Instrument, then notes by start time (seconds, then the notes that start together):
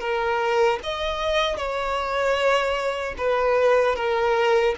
violin
0.00 A#4
0.83 D#5
1.57 C#5
3.18 B4
3.96 A#4